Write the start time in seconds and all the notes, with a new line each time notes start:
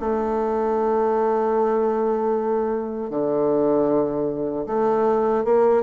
0.00 A3
3.10 D3
4.66 A3
5.44 A#3